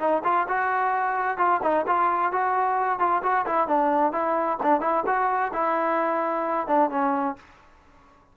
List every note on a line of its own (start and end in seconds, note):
0.00 0.23 D#4
0.25 0.47 F4
0.49 1.38 F#4
1.38 1.61 F4
1.63 1.86 D#4
1.87 2.33 F4
2.33 3.00 F#4
3.00 3.22 F4
3.23 3.46 F#4
3.46 3.68 E4
3.68 4.13 D4
4.13 4.59 E4
4.63 4.81 D4
4.81 5.04 E4
5.07 5.53 F#4
5.54 6.68 E4
6.68 6.91 D4
6.91 7.36 C#4